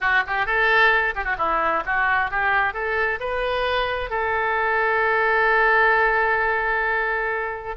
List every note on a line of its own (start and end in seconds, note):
0.00 0.23 F#4
0.26 0.45 G4
0.45 1.14 A4
1.15 1.24 G4
1.24 1.36 F#4
1.37 1.83 E4
1.85 2.30 F#4
2.30 2.73 G4
2.73 3.19 A4
3.20 4.10 B4
4.10 7.76 A4